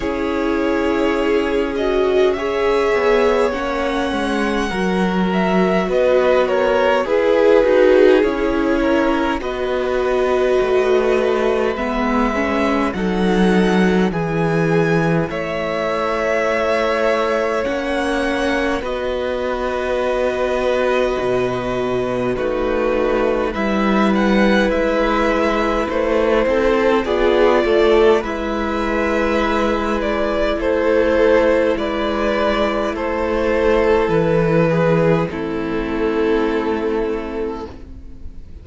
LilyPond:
<<
  \new Staff \with { instrumentName = "violin" } { \time 4/4 \tempo 4 = 51 cis''4. dis''8 e''4 fis''4~ | fis''8 e''8 dis''8 cis''8 b'4 cis''4 | dis''2 e''4 fis''4 | gis''4 e''2 fis''4 |
dis''2. b'4 | e''8 fis''8 e''4 c''4 d''4 | e''4. d''8 c''4 d''4 | c''4 b'4 a'2 | }
  \new Staff \with { instrumentName = "violin" } { \time 4/4 gis'2 cis''2 | ais'4 b'8 ais'8 gis'4. ais'8 | b'2. a'4 | gis'4 cis''2. |
b'2. fis'4 | b'2~ b'8 a'8 gis'8 a'8 | b'2 a'4 b'4 | a'4. gis'8 e'2 | }
  \new Staff \with { instrumentName = "viola" } { \time 4/4 e'4. fis'8 gis'4 cis'4 | fis'2 gis'8 fis'8 e'4 | fis'2 b8 cis'8 dis'4 | e'2. cis'4 |
fis'2. dis'4 | e'2. f'4 | e'1~ | e'2 c'2 | }
  \new Staff \with { instrumentName = "cello" } { \time 4/4 cis'2~ cis'8 b8 ais8 gis8 | fis4 b4 e'8 dis'8 cis'4 | b4 a4 gis4 fis4 | e4 a2 ais4 |
b2 b,4 a4 | g4 gis4 a8 c'8 b8 a8 | gis2 a4 gis4 | a4 e4 a2 | }
>>